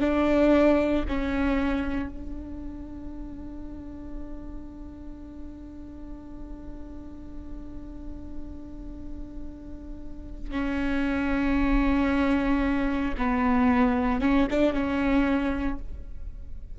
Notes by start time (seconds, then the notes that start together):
0.00 D4
1.08 C#4
2.10 D4
10.51 C#4
13.18 B3
14.21 C#4
14.50 D4
14.74 C#4